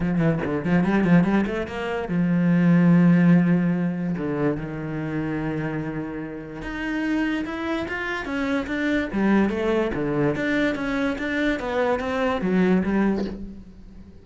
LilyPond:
\new Staff \with { instrumentName = "cello" } { \time 4/4 \tempo 4 = 145 f8 e8 d8 f8 g8 f8 g8 a8 | ais4 f2.~ | f2 d4 dis4~ | dis1 |
dis'2 e'4 f'4 | cis'4 d'4 g4 a4 | d4 d'4 cis'4 d'4 | b4 c'4 fis4 g4 | }